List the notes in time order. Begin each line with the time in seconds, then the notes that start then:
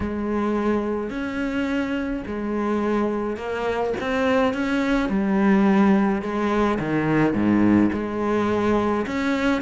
0.00 G#3
1.10 C#4
2.26 G#3
3.37 A#3
4.00 C4
4.53 C#4
5.09 G3
6.22 G#3
6.79 D#3
7.33 G#2
7.92 G#3
9.06 C#4